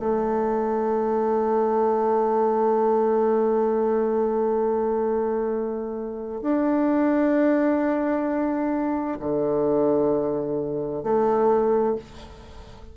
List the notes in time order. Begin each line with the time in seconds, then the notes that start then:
0.00 A3
6.42 D4
9.20 D3
11.04 A3